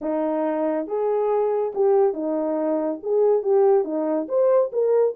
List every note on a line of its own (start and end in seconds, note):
0.01 0.87 D#4
0.87 1.73 G#4
1.75 2.13 G4
2.13 2.99 D#4
3.03 3.42 G#4
3.42 3.84 G4
3.84 4.27 D#4
4.28 4.71 C5
4.72 5.15 A#4